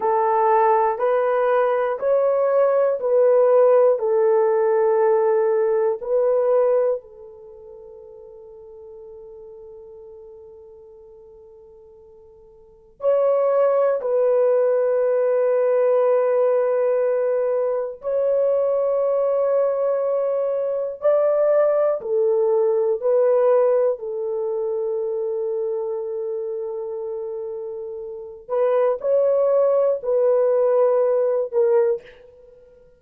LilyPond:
\new Staff \with { instrumentName = "horn" } { \time 4/4 \tempo 4 = 60 a'4 b'4 cis''4 b'4 | a'2 b'4 a'4~ | a'1~ | a'4 cis''4 b'2~ |
b'2 cis''2~ | cis''4 d''4 a'4 b'4 | a'1~ | a'8 b'8 cis''4 b'4. ais'8 | }